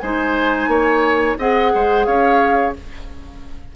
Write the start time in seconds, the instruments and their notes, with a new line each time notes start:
0.00 bassoon G#3, clarinet D#4, oboe C5, flute G#5
0.68 bassoon A#3, oboe C#5
1.39 bassoon C4, clarinet G#4, oboe D#5, flute F#5
1.75 bassoon G#3, oboe C5
2.06 bassoon C#4, oboe C#5, flute F5